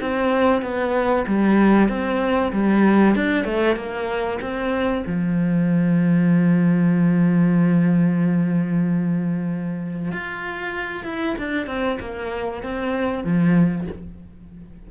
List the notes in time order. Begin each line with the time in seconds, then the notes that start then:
0.00 C4
0.62 B3
1.27 G3
1.88 C4
2.52 G3
3.15 D4
3.44 A3
3.76 A#3
4.41 C4
5.06 F3
10.12 F4
11.04 E4
11.38 D4
11.66 C4
12.00 A#3
12.62 C4
13.24 F3